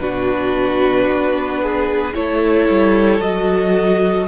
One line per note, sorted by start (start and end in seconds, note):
0.00 1.07 B2
0.00 2.14 D4
0.00 1.62 F#4
0.00 2.14 B4
1.07 2.15 B3
1.62 2.15 G#4
2.14 2.69 A3
2.14 3.21 E4
2.14 4.28 A4
2.14 3.22 C#5
2.70 3.20 G3
3.20 4.27 F#3
3.20 4.28 F#4
3.20 4.28 D#5